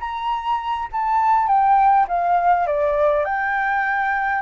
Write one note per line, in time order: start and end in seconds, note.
0.00 0.88 A#5
0.92 1.48 A5
1.48 2.06 G5
2.08 2.67 F5
2.67 3.25 D5
3.25 4.42 G5